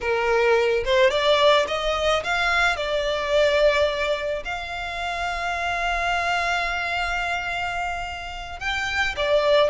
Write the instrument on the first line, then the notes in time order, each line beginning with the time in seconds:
violin
0.01 A#4
0.85 C5
1.10 D5
1.67 D#5
2.23 F5
2.76 D5
4.44 F5
8.59 G5
9.16 D5